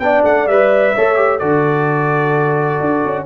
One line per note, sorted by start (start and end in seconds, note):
0.00 0.23 B3
0.00 0.49 D4
0.00 0.96 D5
0.00 0.23 G5
0.24 0.47 A3
0.24 0.48 F#5
0.47 0.94 G3
0.47 0.96 B4
0.47 1.39 E5
0.96 1.42 A3
0.96 1.16 A4
0.96 1.40 C#5
1.16 1.40 G4
1.39 2.81 D3
1.39 3.27 F#4
1.39 3.26 A4
1.39 3.25 D5
2.81 3.04 D4
3.05 3.27 C#4